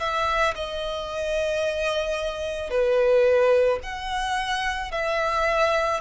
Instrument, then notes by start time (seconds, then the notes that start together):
violin
0.00 E5
0.55 D#5
2.70 B4
3.83 F#5
4.91 E5